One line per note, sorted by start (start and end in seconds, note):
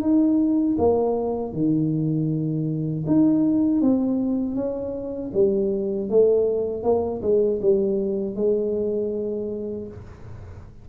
0.00 0.76 D#4
0.78 1.53 A#3
1.53 3.04 D#3
3.07 3.81 D#4
3.81 4.55 C4
4.55 5.31 C#4
5.33 6.09 G3
6.09 6.83 A3
6.83 7.21 A#3
7.22 7.59 G#3
7.61 8.35 G3
8.35 9.87 G#3